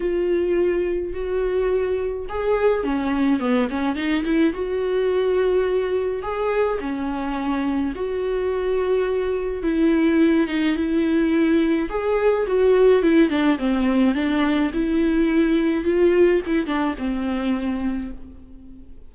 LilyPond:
\new Staff \with { instrumentName = "viola" } { \time 4/4 \tempo 4 = 106 f'2 fis'2 | gis'4 cis'4 b8 cis'8 dis'8 e'8 | fis'2. gis'4 | cis'2 fis'2~ |
fis'4 e'4. dis'8 e'4~ | e'4 gis'4 fis'4 e'8 d'8 | c'4 d'4 e'2 | f'4 e'8 d'8 c'2 | }